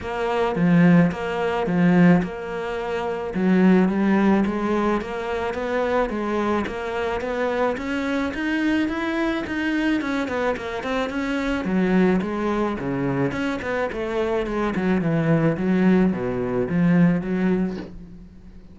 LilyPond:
\new Staff \with { instrumentName = "cello" } { \time 4/4 \tempo 4 = 108 ais4 f4 ais4 f4 | ais2 fis4 g4 | gis4 ais4 b4 gis4 | ais4 b4 cis'4 dis'4 |
e'4 dis'4 cis'8 b8 ais8 c'8 | cis'4 fis4 gis4 cis4 | cis'8 b8 a4 gis8 fis8 e4 | fis4 b,4 f4 fis4 | }